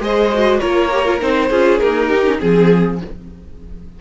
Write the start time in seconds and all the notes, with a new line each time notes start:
0.00 G#3 G#4 C5 D#5
0.34 F#4
0.60 A#3 F4 A#4 C#5
0.93 G4
1.06 F4
1.20 C4 D#4 C5
1.49 C#4 F4 G#4
1.79 A#3 D#4 A#4
2.08 D#4 G4
2.25 C#4
2.39 F3 C4 G#4